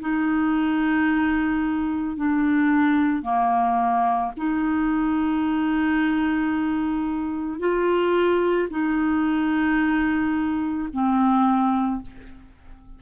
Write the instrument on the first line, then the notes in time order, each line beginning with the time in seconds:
clarinet
0.00 D#4
2.16 D4
3.22 A#3
4.37 D#4
7.59 F4
8.70 D#4
10.92 C4